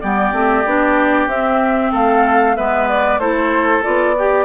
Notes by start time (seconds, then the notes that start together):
0.00 G3 B3 G4 D5
0.32 A3 C4
0.65 B3 D4
1.26 C4 E5
1.91 A3 A4 F5
2.56 G#3 B3 B4 E5
2.88 D5
3.18 A3 E4 A4 C5
3.82 B3 F4 D5
4.18 G4